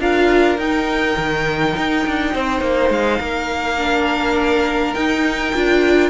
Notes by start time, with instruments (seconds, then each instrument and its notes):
0.00 cello D4, viola F4, violin A#4 F5
0.58 cello D#4, viola D#4, violin G5
1.18 cello D#3
1.77 cello D#4
2.08 cello D4
2.34 cello C4, violin C5
2.61 cello A#3
2.90 cello G#3, violin F5
3.20 cello A#3, violin A#4
3.79 viola D4
4.95 viola D#4, cello D#4, violin G5
5.55 cello D4, viola F4